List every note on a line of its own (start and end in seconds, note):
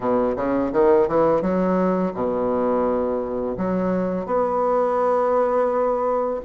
0.00 0.35 B2
0.35 0.71 C#3
0.72 1.07 D#3
1.07 1.41 E3
1.41 2.12 F#3
2.14 3.56 B2
3.57 4.26 F#3
4.26 6.40 B3